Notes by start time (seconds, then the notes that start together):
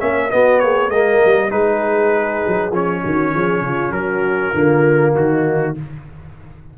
0.00 A#3 C#4 C#5 E5
0.31 B3 F#4 D#5
0.60 A#3 G#4 C#5
0.89 G#3 A#3 A#4 D#5
1.25 G3
1.51 G#3 D#4 G#4 B4
2.47 F#3
2.71 F3 C#4 C#5
3.03 D#3 F#4
3.34 F3 G#4
3.62 C#3 F4
3.92 F#3 F#4 A#4
4.54 D3 A#3 F4
5.16 D#3 D#4 F#4